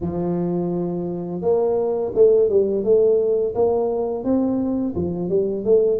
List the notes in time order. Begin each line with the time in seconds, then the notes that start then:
0.01 F3
1.41 A#3
2.14 A3
2.49 G3
2.84 A3
3.55 A#3
4.24 C4
4.95 F3
5.29 G3
5.64 A3